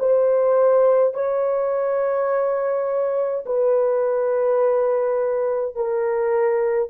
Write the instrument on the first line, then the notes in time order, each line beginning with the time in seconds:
horn
0.00 C5
1.14 C#5
3.46 B4
5.75 A#4